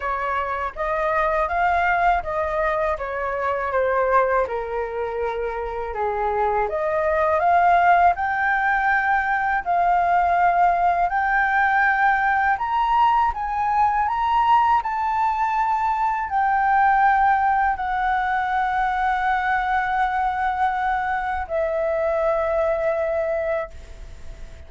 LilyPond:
\new Staff \with { instrumentName = "flute" } { \time 4/4 \tempo 4 = 81 cis''4 dis''4 f''4 dis''4 | cis''4 c''4 ais'2 | gis'4 dis''4 f''4 g''4~ | g''4 f''2 g''4~ |
g''4 ais''4 gis''4 ais''4 | a''2 g''2 | fis''1~ | fis''4 e''2. | }